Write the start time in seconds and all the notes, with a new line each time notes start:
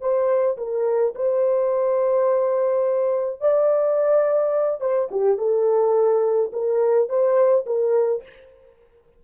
0.00 C5
0.57 A#4
1.14 C5
3.40 D5
4.80 C5
5.10 G4
5.37 A4
6.52 A#4
7.08 C5
7.66 A#4